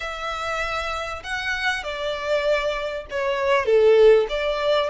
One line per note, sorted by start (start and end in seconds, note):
0.00 1.22 E5
1.23 1.83 F#5
1.83 3.06 D5
3.10 3.65 C#5
3.65 4.26 A4
4.29 4.90 D5